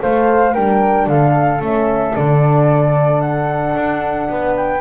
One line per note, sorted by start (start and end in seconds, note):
0.00 0.55 A3
0.00 0.54 A4
0.00 0.54 C5
0.00 0.55 F5
0.54 1.07 G3
0.54 1.61 D4
0.54 1.07 A#4
0.54 1.08 G5
1.07 1.61 D3
1.07 4.31 A4
1.07 1.62 F5
1.61 2.15 A3
1.61 2.14 C#4
1.61 2.16 E5
2.16 3.75 D3
2.16 4.81 D4
2.16 3.21 D5
3.21 4.55 F#5
3.75 4.29 D4
4.30 4.81 B3
4.30 4.81 B4
4.56 4.81 G5